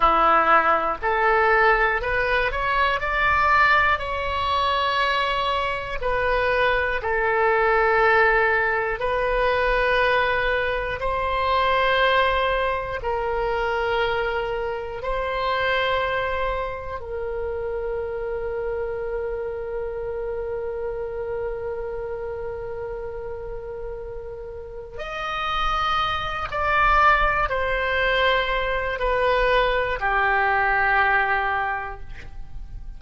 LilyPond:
\new Staff \with { instrumentName = "oboe" } { \time 4/4 \tempo 4 = 60 e'4 a'4 b'8 cis''8 d''4 | cis''2 b'4 a'4~ | a'4 b'2 c''4~ | c''4 ais'2 c''4~ |
c''4 ais'2.~ | ais'1~ | ais'4 dis''4. d''4 c''8~ | c''4 b'4 g'2 | }